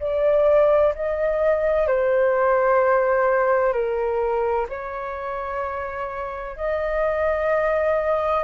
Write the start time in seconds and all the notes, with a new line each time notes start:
0.00 D5
0.95 D#5
1.87 C5
3.73 A#4
4.69 C#5
6.57 D#5